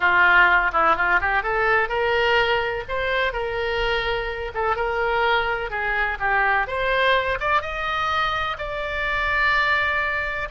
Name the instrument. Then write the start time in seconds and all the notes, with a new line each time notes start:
oboe
0.00 F4
0.72 E4
0.96 F4
1.20 G4
1.42 A4
1.89 A#4
2.88 C5
3.32 A#4
4.54 A4
4.76 A#4
5.70 G#4
6.19 G4
6.67 C5
7.40 D5
7.61 D#5
8.58 D5